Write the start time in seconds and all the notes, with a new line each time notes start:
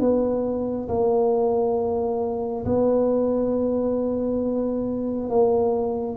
0.00 B3
0.89 A#3
2.66 B3
5.30 A#3